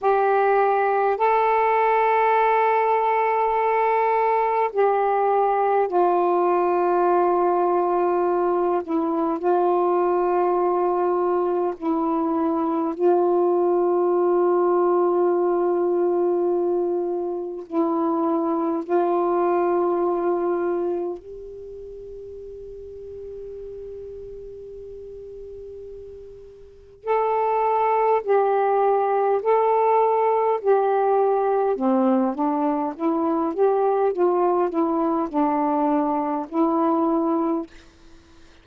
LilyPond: \new Staff \with { instrumentName = "saxophone" } { \time 4/4 \tempo 4 = 51 g'4 a'2. | g'4 f'2~ f'8 e'8 | f'2 e'4 f'4~ | f'2. e'4 |
f'2 g'2~ | g'2. a'4 | g'4 a'4 g'4 c'8 d'8 | e'8 g'8 f'8 e'8 d'4 e'4 | }